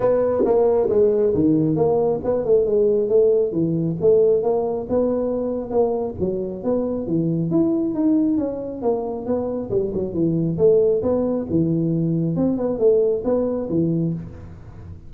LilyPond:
\new Staff \with { instrumentName = "tuba" } { \time 4/4 \tempo 4 = 136 b4 ais4 gis4 dis4 | ais4 b8 a8 gis4 a4 | e4 a4 ais4 b4~ | b4 ais4 fis4 b4 |
e4 e'4 dis'4 cis'4 | ais4 b4 g8 fis8 e4 | a4 b4 e2 | c'8 b8 a4 b4 e4 | }